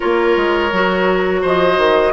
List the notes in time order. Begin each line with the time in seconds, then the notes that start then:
0.00 A#3 F4 A#4 C#5
0.36 G#3
0.72 F#3 F#4
1.41 F3 C5 D#5
1.77 D#3